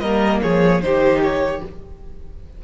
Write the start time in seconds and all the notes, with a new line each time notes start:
0.00 G3 A#3 A#4 D#5
0.42 F3 G#4 C#5
0.82 D#3 D#4 G4 C5
1.23 C#5